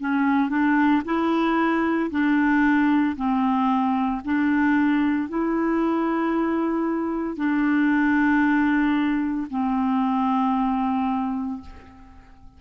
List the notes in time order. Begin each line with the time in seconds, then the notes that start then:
0.00 C#4
0.50 D4
1.05 E4
2.11 D4
3.16 C4
4.25 D4
5.29 E4
7.37 D4
9.50 C4